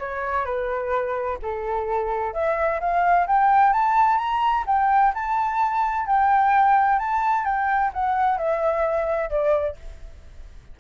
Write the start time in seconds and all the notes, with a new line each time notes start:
0.00 C#5
0.45 B4
1.42 A4
2.34 E5
2.81 F5
3.27 G5
3.74 A5
4.18 A#5
4.67 G5
5.15 A5
6.07 G5
6.99 A5
7.45 G5
7.94 F#5
8.38 E5
9.30 D5